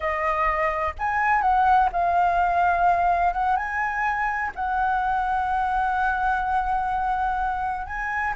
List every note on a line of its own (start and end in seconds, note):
0.00 0.94 D#5
0.98 1.41 G#5
1.41 1.89 F#5
1.92 3.33 F5
3.33 3.56 F#5
3.56 4.51 G#5
4.55 7.86 F#5
7.86 8.34 G#5